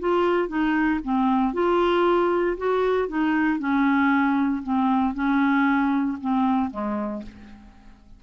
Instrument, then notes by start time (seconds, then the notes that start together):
clarinet
0.00 F4
0.48 D#4
1.04 C4
1.54 F4
2.58 F#4
3.08 D#4
3.59 C#4
4.63 C4
5.14 C#4
6.21 C4
6.71 G#3